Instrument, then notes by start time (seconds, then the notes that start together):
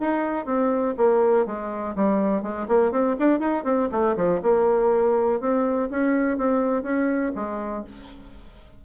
bassoon
0.00 D#4
0.46 C4
0.97 A#3
1.46 G#3
1.95 G3
2.42 G#3
2.68 A#3
2.92 C4
3.19 D4
3.40 D#4
3.64 C4
3.92 A3
4.16 F3
4.42 A#3
5.40 C4
5.90 C#4
6.38 C4
6.83 C#4
7.35 G#3